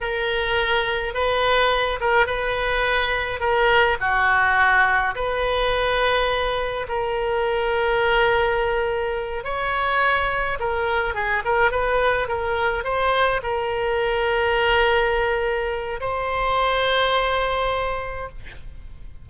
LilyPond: \new Staff \with { instrumentName = "oboe" } { \time 4/4 \tempo 4 = 105 ais'2 b'4. ais'8 | b'2 ais'4 fis'4~ | fis'4 b'2. | ais'1~ |
ais'8 cis''2 ais'4 gis'8 | ais'8 b'4 ais'4 c''4 ais'8~ | ais'1 | c''1 | }